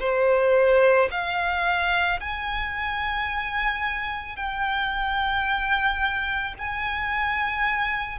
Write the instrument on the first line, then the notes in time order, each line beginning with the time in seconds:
violin
0.00 C5
1.11 F5
2.20 G#5
4.36 G5
6.59 G#5